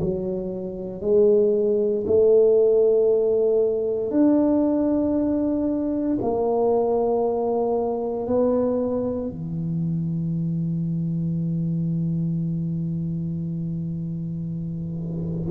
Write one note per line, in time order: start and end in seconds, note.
0.00 1.01 F#3
1.01 2.04 G#3
2.06 4.11 A3
4.11 6.17 D4
6.21 8.27 A#3
8.27 9.30 B3
9.30 15.50 E3